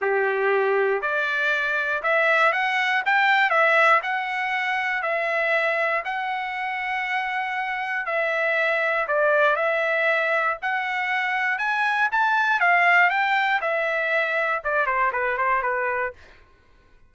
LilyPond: \new Staff \with { instrumentName = "trumpet" } { \time 4/4 \tempo 4 = 119 g'2 d''2 | e''4 fis''4 g''4 e''4 | fis''2 e''2 | fis''1 |
e''2 d''4 e''4~ | e''4 fis''2 gis''4 | a''4 f''4 g''4 e''4~ | e''4 d''8 c''8 b'8 c''8 b'4 | }